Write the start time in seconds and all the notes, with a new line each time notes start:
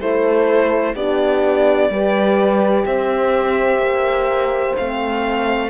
0.00 A3 E4 A4 C5
0.95 B3 D4 G4 D5
1.90 G3 G4 B4
2.86 C4 C5 E5
3.78 A#3
4.77 A3 C4 F5